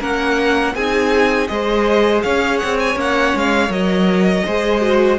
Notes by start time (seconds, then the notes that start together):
0.00 A#3 C#4 A#4 F#5
0.75 C4 D#4 G#4 G#5
1.48 G#3 G#4 C5 D#5
2.23 C#4 C#5 F5
2.59 C4 F#5
2.80 G#5
2.95 A#3 C#4 F#5
3.35 G#3 F5
3.70 F#3 A#4 D#5
4.46 G#3 G#4 C5
4.82 F#4